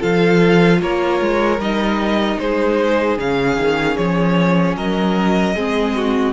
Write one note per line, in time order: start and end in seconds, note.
0.00 0.82 F3
0.00 1.58 F4
0.00 0.79 A4
0.00 0.81 F5
0.82 1.21 A#3
0.82 2.41 A#4
0.82 1.61 C#5
1.21 1.59 G#3
1.59 2.37 G3
1.59 3.19 D#4
1.59 2.39 D#5
2.39 3.18 G#3
2.39 4.77 G#4
2.39 3.18 C5
3.18 3.57 C#3
3.18 5.56 C#4
3.18 3.97 F5
3.57 3.97 D#3
3.97 4.77 F3
3.97 4.76 C#5
4.77 5.56 F#3
4.77 5.56 A#4
4.77 6.34 D#5
5.56 6.34 G#3
5.56 6.34 C4
5.56 5.96 G#4
5.96 6.34 F#4